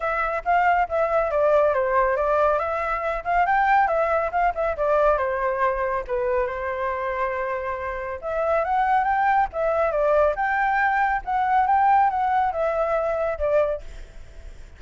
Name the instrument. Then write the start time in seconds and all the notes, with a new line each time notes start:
flute
0.00 E5
0.44 F5
0.88 E5
1.30 D5
1.74 C5
2.16 D5
2.58 E5
3.24 F5
3.46 G5
3.87 E5
4.31 F5
4.55 E5
4.76 D5
5.17 C5
6.07 B4
6.46 C5
8.21 E5
8.64 F#5
9.04 G5
9.52 E5
9.91 D5
10.35 G5
11.24 F#5
11.66 G5
12.09 F#5
12.52 E5
13.38 D5